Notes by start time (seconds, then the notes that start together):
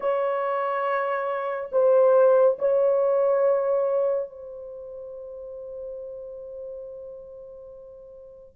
0.00 C#5
1.71 C5
2.58 C#5
4.29 C5